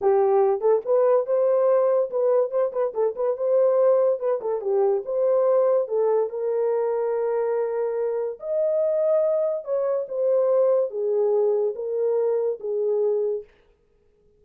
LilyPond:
\new Staff \with { instrumentName = "horn" } { \time 4/4 \tempo 4 = 143 g'4. a'8 b'4 c''4~ | c''4 b'4 c''8 b'8 a'8 b'8 | c''2 b'8 a'8 g'4 | c''2 a'4 ais'4~ |
ais'1 | dis''2. cis''4 | c''2 gis'2 | ais'2 gis'2 | }